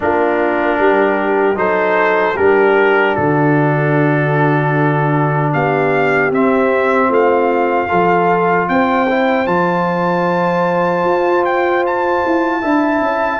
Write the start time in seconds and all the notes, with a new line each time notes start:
0.00 A#3 D4 F4 A#4
0.78 G3 G4
1.54 F#3 D#4 A4 C5
2.36 G3 D4 G4 A#4
3.14 D3 F#4 A4
5.52 B3 G4 F5
6.31 C4 E5
7.09 A3 F4 F5
7.88 F3 F4 A4
8.68 C4 C5 G5
9.09 E4
9.46 F3 F4 A5
11.04 F4
11.45 G5
11.86 A5
12.25 E4
12.61 D4 E4 E5
13.00 C#4